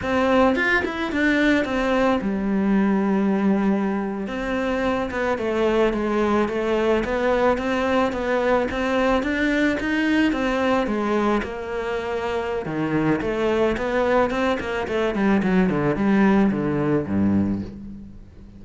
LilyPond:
\new Staff \with { instrumentName = "cello" } { \time 4/4 \tempo 4 = 109 c'4 f'8 e'8 d'4 c'4 | g2.~ g8. c'16~ | c'4~ c'16 b8 a4 gis4 a16~ | a8. b4 c'4 b4 c'16~ |
c'8. d'4 dis'4 c'4 gis16~ | gis8. ais2~ ais16 dis4 | a4 b4 c'8 ais8 a8 g8 | fis8 d8 g4 d4 g,4 | }